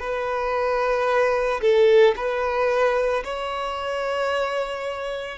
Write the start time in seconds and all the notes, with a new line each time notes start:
0.00 B4
1.62 A4
2.17 B4
3.25 C#5